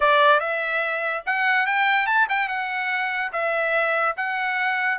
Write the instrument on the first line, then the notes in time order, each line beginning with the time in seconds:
trumpet
0.00 D5
0.40 E5
1.25 F#5
1.66 G5
2.06 A5
2.29 G5
2.48 F#5
3.32 E5
4.17 F#5